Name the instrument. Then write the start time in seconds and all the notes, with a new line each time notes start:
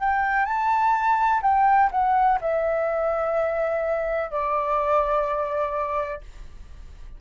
flute
0.00 G5
0.45 A5
1.43 G5
1.92 F#5
2.41 E5
4.31 D5